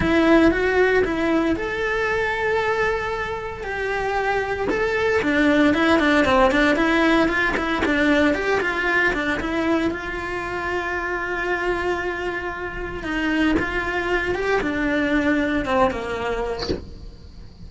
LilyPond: \new Staff \with { instrumentName = "cello" } { \time 4/4 \tempo 4 = 115 e'4 fis'4 e'4 a'4~ | a'2. g'4~ | g'4 a'4 d'4 e'8 d'8 | c'8 d'8 e'4 f'8 e'8 d'4 |
g'8 f'4 d'8 e'4 f'4~ | f'1~ | f'4 dis'4 f'4. g'8 | d'2 c'8 ais4. | }